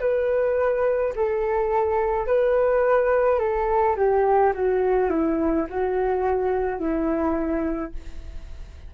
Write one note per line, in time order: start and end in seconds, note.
0.00 1.13 B4
1.16 2.27 A4
2.27 3.39 B4
3.39 3.96 A4
3.96 4.53 G4
4.53 5.10 F#4
5.10 5.67 E4
5.69 6.79 F#4
6.79 7.92 E4